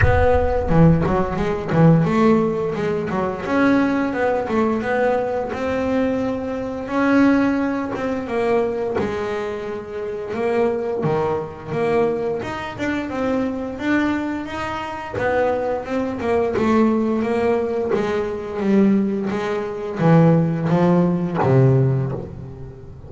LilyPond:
\new Staff \with { instrumentName = "double bass" } { \time 4/4 \tempo 4 = 87 b4 e8 fis8 gis8 e8 a4 | gis8 fis8 cis'4 b8 a8 b4 | c'2 cis'4. c'8 | ais4 gis2 ais4 |
dis4 ais4 dis'8 d'8 c'4 | d'4 dis'4 b4 c'8 ais8 | a4 ais4 gis4 g4 | gis4 e4 f4 c4 | }